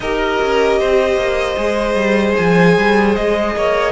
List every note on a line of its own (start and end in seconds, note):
0.00 0.38 D#4
0.00 1.57 G4
0.00 0.79 A#4
0.00 2.35 D#5
0.41 0.81 C#4
0.79 1.16 C4
0.79 3.55 C5
1.16 1.56 A#3
1.57 1.95 G#3
1.57 3.92 G#4
1.95 2.34 G3
2.36 2.77 F3
2.36 3.15 G#5
2.77 3.17 G3
3.15 3.55 G#3
3.15 3.92 D#5
3.55 3.92 A#3
3.55 3.92 C#5